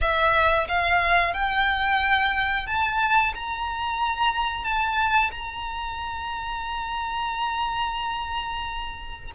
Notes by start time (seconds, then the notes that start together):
0.01 E5
0.68 F5
1.33 G5
2.66 A5
3.35 A#5
4.64 A5
5.31 A#5